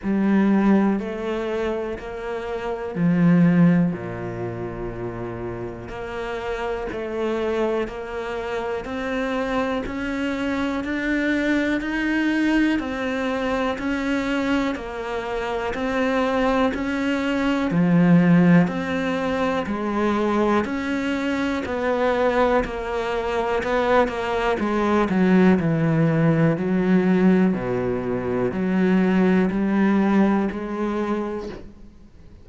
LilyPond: \new Staff \with { instrumentName = "cello" } { \time 4/4 \tempo 4 = 61 g4 a4 ais4 f4 | ais,2 ais4 a4 | ais4 c'4 cis'4 d'4 | dis'4 c'4 cis'4 ais4 |
c'4 cis'4 f4 c'4 | gis4 cis'4 b4 ais4 | b8 ais8 gis8 fis8 e4 fis4 | b,4 fis4 g4 gis4 | }